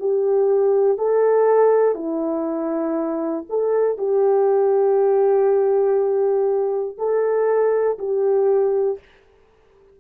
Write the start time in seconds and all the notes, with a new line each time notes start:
0.00 G4
0.98 A4
1.95 E4
3.50 A4
3.98 G4
6.98 A4
7.99 G4